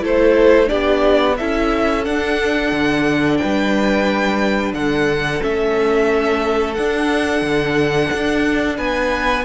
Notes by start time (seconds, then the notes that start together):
0.00 A3 E4 A4 C5
0.66 D4 G4 D5
0.73 B3
1.37 C#4 E4 A4 E5
2.04 D4 F#5
2.72 D3
3.37 B4 G5
3.44 G3
4.73 D3 A4 F#5
5.40 A3 C#4 E5
6.74 D4 F#5
7.41 D3
8.13 D4
8.77 B3 B4 G#5